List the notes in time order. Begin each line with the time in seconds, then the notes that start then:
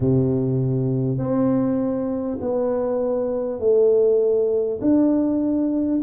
0.00 C3
1.17 C4
2.41 B3
3.59 A3
4.81 D4